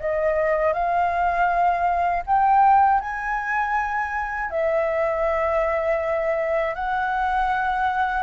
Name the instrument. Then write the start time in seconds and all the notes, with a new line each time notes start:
flute
0.00 D#5
0.74 F5
2.27 G5
3.01 G#5
4.51 E5
6.75 F#5